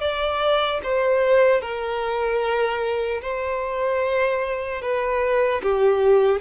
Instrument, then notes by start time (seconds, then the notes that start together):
violin
0.00 D5
0.83 C5
1.61 A#4
3.21 C5
4.81 B4
5.62 G4